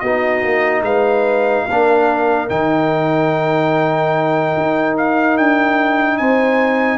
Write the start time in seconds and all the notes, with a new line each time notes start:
0.00 B3 D#4 F#4 D#5
0.43 A#3
0.82 G#3 B4 F5
1.68 A#3 D4 A#4
2.49 D#3 D#4 G5
4.57 D#4
4.98 F5
5.38 D4 G5
6.18 C4 C5 G#5